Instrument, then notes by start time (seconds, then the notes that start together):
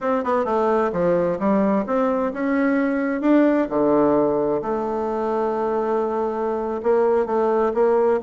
bassoon
0.00 C4
0.23 B3
0.44 A3
0.92 F3
1.39 G3
1.86 C4
2.33 C#4
3.21 D4
3.69 D3
4.62 A3
6.82 A#3
7.26 A3
7.73 A#3